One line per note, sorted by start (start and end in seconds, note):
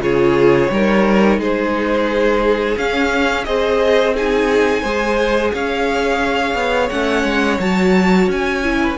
0.00 0.69 C#3
0.00 0.70 F4
0.00 0.71 G#4
0.00 1.41 C#5
0.70 1.38 G3
0.70 2.77 D#4
0.70 1.39 A#4
1.38 2.76 G#3
1.38 3.46 G#4
1.38 2.78 C5
2.77 3.45 C#4
2.77 3.46 C#4
2.77 3.44 F5
3.44 4.83 C4
3.44 4.14 G#4
3.44 4.15 C5
3.44 4.13 D#5
4.15 4.84 D#4
4.15 4.82 G#4
4.15 5.54 G#5
4.82 5.52 G#3
4.82 6.92 G#4
4.82 5.51 C5
5.53 6.55 C#4
5.53 8.80 C#5
5.53 6.89 F5
6.55 6.89 B3
6.89 7.24 A3
6.89 7.61 C#4
6.89 7.58 F#5
7.24 7.59 G#3
7.60 8.28 F#3
7.60 8.64 F#4
7.60 8.29 A5
8.28 8.97 C#4
8.28 8.98 G#5
8.64 8.98 E4
8.82 8.98 B4